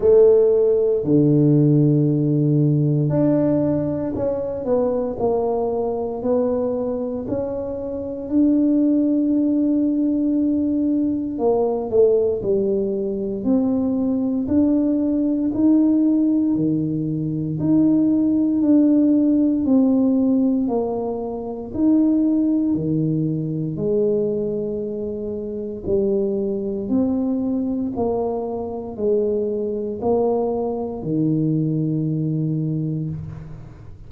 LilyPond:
\new Staff \with { instrumentName = "tuba" } { \time 4/4 \tempo 4 = 58 a4 d2 d'4 | cis'8 b8 ais4 b4 cis'4 | d'2. ais8 a8 | g4 c'4 d'4 dis'4 |
dis4 dis'4 d'4 c'4 | ais4 dis'4 dis4 gis4~ | gis4 g4 c'4 ais4 | gis4 ais4 dis2 | }